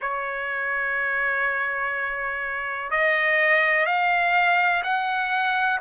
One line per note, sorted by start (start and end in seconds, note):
0.00 2.90 C#5
2.90 3.86 D#5
3.86 4.83 F5
4.83 5.80 F#5